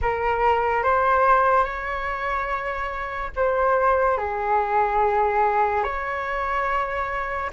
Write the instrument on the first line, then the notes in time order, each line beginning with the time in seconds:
flute
0.02 A#4
0.83 C5
1.64 C#5
3.35 C5
4.17 G#4
5.83 C#5